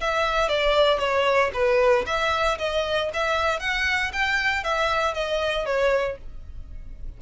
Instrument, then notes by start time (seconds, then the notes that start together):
violin
0.00 E5
0.48 D5
0.99 C#5
1.53 B4
2.06 E5
2.58 D#5
3.13 E5
3.59 F#5
4.12 G5
4.63 E5
5.14 D#5
5.65 C#5